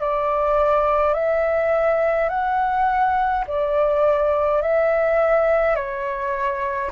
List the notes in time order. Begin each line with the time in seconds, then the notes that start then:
0.00 D5
1.13 E5
2.29 F#5
3.47 D5
4.61 E5
5.75 C#5